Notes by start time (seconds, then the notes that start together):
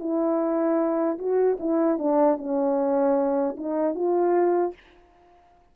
0.00 E4
1.19 F#4
1.60 E4
1.99 D4
2.38 C#4
3.58 D#4
3.95 F4